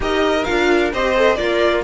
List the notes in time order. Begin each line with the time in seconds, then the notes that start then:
0.00 D#4 G4 A#4 D#5
0.44 D4 F4 F5
0.92 C4 G4 C5 D#5
1.15 A4
1.35 A#3 F4 A#4 D5